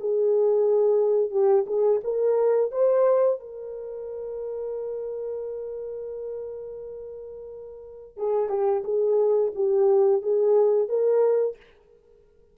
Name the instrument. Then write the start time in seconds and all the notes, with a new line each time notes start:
horn
0.00 G#4
1.31 G4
1.67 G#4
2.04 A#4
2.72 C5
3.40 A#4
8.18 G#4
8.49 G4
8.85 G#4
9.55 G4
10.22 G#4
10.89 A#4